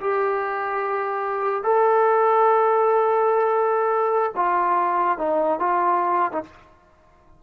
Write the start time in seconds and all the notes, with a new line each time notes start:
0.00 G4
1.63 A4
4.35 F4
5.18 D#4
5.59 F4
6.32 D#4